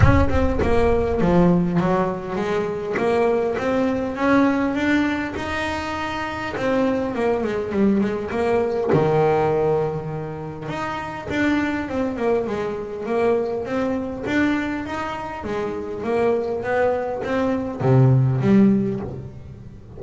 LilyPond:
\new Staff \with { instrumentName = "double bass" } { \time 4/4 \tempo 4 = 101 cis'8 c'8 ais4 f4 fis4 | gis4 ais4 c'4 cis'4 | d'4 dis'2 c'4 | ais8 gis8 g8 gis8 ais4 dis4~ |
dis2 dis'4 d'4 | c'8 ais8 gis4 ais4 c'4 | d'4 dis'4 gis4 ais4 | b4 c'4 c4 g4 | }